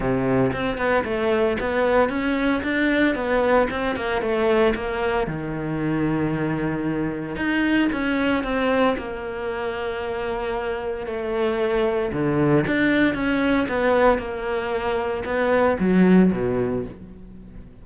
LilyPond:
\new Staff \with { instrumentName = "cello" } { \time 4/4 \tempo 4 = 114 c4 c'8 b8 a4 b4 | cis'4 d'4 b4 c'8 ais8 | a4 ais4 dis2~ | dis2 dis'4 cis'4 |
c'4 ais2.~ | ais4 a2 d4 | d'4 cis'4 b4 ais4~ | ais4 b4 fis4 b,4 | }